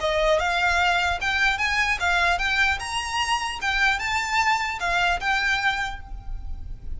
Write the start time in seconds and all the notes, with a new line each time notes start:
0.00 D#5
0.39 F5
1.21 G5
1.58 G#5
2.00 F5
2.38 G5
2.79 A#5
3.61 G5
3.99 A5
4.79 F5
5.20 G5